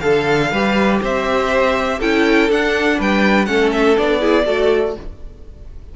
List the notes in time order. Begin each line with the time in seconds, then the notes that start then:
0.00 D3 A4 F5
0.51 G3 G4 B4
1.02 C4 C5 E5
1.99 C#4 E4 A4 G5
2.50 D4 F#5
2.99 G3 B4 G5
3.45 A3 C#4 A4 F#5
3.72 E5
3.96 B3 D4 D5
4.20 E4 G#4
4.45 A3 F#4 A4